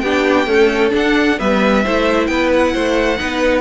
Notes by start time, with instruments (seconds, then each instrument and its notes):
0.00 cello B3, viola D4, violin G4 G5
0.46 viola A3, cello C#4, violin A4
0.90 viola D4, cello D4, violin F#5
1.39 cello G3, viola B3, violin B4 E5
1.84 cello A3, viola E4, violin C5
2.27 cello B3, violin B4 G5
2.54 violin F#5
2.74 cello A3, violin C5
3.18 cello B3, viola D#4, violin B4